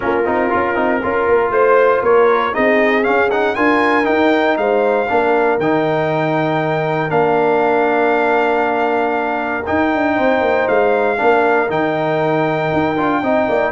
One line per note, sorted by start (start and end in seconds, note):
0.00 0.26 A#3
0.00 0.24 C#4
0.00 1.02 F4
0.00 1.51 A#4
0.25 0.51 C4
0.25 0.50 D#4
0.50 0.76 C#4
0.50 0.75 F4
0.75 1.01 C4
0.75 1.00 D#4
1.02 1.28 C#4
1.02 2.53 F4
1.02 1.53 A#4
1.28 1.50 A#3
1.50 2.01 A3
1.50 2.02 C5
1.50 2.03 C5
2.02 2.53 A#3
2.02 2.53 A#4
2.02 2.54 C#5
2.53 3.07 C4
2.53 3.02 D#4
2.53 3.55 G#4
2.53 3.03 D#5
3.02 3.28 C#4
3.02 3.57 C#4
3.02 3.29 F5
3.31 3.56 D#4
3.31 3.55 F#5
3.55 4.08 D4
3.55 4.04 F4
3.55 4.57 A#4
3.55 4.05 G#5
4.04 5.05 D#4
4.04 4.57 D#4
4.04 4.56 G5
4.57 5.08 G#3
4.57 5.10 C5
4.57 5.58 F5
5.08 5.58 A#3
5.08 5.59 D4
5.08 10.15 A#4
5.58 7.10 D#3
5.58 7.09 D#4
5.58 7.10 G5
7.09 9.64 A#3
7.09 9.63 D4
7.09 9.64 F5
9.66 11.17 D#4
9.66 9.94 D#4
9.66 10.67 G5
9.94 10.18 D4
10.15 10.41 C4
10.15 11.17 C5
10.41 10.66 A#3
10.67 11.19 G#3
10.67 11.69 F5
11.17 11.69 A#3
11.17 11.68 D4
11.17 13.22 A#4
11.69 12.71 D#3
11.69 12.96 D#4
11.69 13.71 G5
12.73 12.97 D#4
12.96 13.22 D4
12.96 13.22 F4
13.22 13.47 C4
13.22 13.71 D#4
13.22 13.47 D#5
13.48 13.71 A#3
13.48 13.71 D5